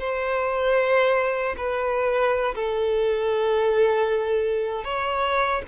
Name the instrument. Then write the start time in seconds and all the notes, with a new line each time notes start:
violin
0.00 C5
1.58 B4
2.55 A4
4.85 C#5